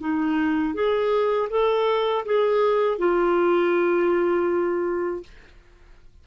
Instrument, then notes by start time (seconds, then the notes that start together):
clarinet
0.00 D#4
0.74 G#4
1.50 A4
2.25 G#4
2.98 F4